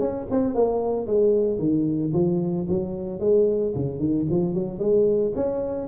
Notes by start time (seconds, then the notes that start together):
0.00 C#4
0.31 C4
0.55 A#3
1.07 G#3
1.59 D#3
2.14 F3
2.69 F#3
3.20 G#3
3.75 C#3
3.99 D#3
4.30 F3
4.54 F#3
4.79 G#3
5.36 C#4